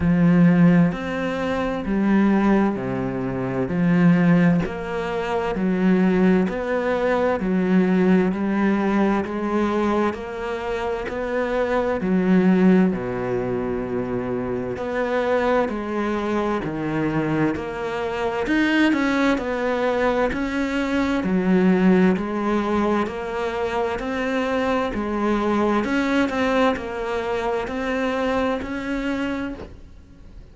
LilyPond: \new Staff \with { instrumentName = "cello" } { \time 4/4 \tempo 4 = 65 f4 c'4 g4 c4 | f4 ais4 fis4 b4 | fis4 g4 gis4 ais4 | b4 fis4 b,2 |
b4 gis4 dis4 ais4 | dis'8 cis'8 b4 cis'4 fis4 | gis4 ais4 c'4 gis4 | cis'8 c'8 ais4 c'4 cis'4 | }